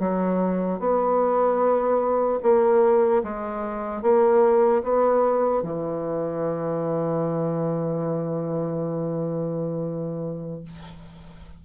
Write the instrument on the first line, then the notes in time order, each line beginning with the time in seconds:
bassoon
0.00 F#3
0.80 B3
2.43 A#3
3.24 G#3
4.03 A#3
4.84 B3
5.63 E3